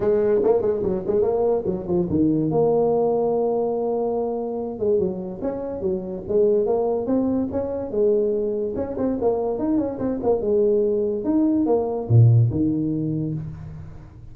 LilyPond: \new Staff \with { instrumentName = "tuba" } { \time 4/4 \tempo 4 = 144 gis4 ais8 gis8 fis8 gis8 ais4 | fis8 f8 dis4 ais2~ | ais2.~ ais8 gis8 | fis4 cis'4 fis4 gis4 |
ais4 c'4 cis'4 gis4~ | gis4 cis'8 c'8 ais4 dis'8 cis'8 | c'8 ais8 gis2 dis'4 | ais4 ais,4 dis2 | }